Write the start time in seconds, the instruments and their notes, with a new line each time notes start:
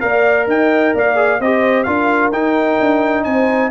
0.00 tuba A#3, trombone A#4, horn D5, trumpet F5
0.47 tuba D#4, horn D#5, trumpet G5
0.94 tuba A#3, horn D5, trumpet F5
1.15 trombone G#4
1.40 tuba C4, trombone G4, horn C5, trumpet D#5
1.83 tuba D4, trombone F4, horn A#4, trumpet F5
2.32 tuba D#4, trombone D#4, trumpet G5
2.80 tuba D4
3.23 tuba C4, horn C5, trumpet G#5